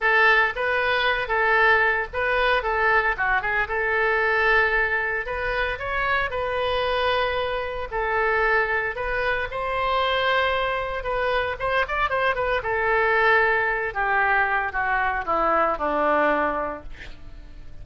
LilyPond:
\new Staff \with { instrumentName = "oboe" } { \time 4/4 \tempo 4 = 114 a'4 b'4. a'4. | b'4 a'4 fis'8 gis'8 a'4~ | a'2 b'4 cis''4 | b'2. a'4~ |
a'4 b'4 c''2~ | c''4 b'4 c''8 d''8 c''8 b'8 | a'2~ a'8 g'4. | fis'4 e'4 d'2 | }